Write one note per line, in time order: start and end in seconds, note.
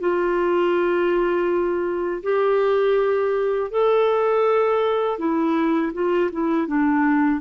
0.00 2.22 F4
2.23 3.71 G4
3.71 5.18 A4
5.18 5.92 E4
5.93 6.30 F4
6.32 6.67 E4
6.67 7.40 D4